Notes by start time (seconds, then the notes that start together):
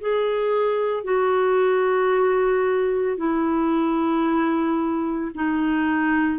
0.00 G#4
1.04 F#4
3.17 E4
5.34 D#4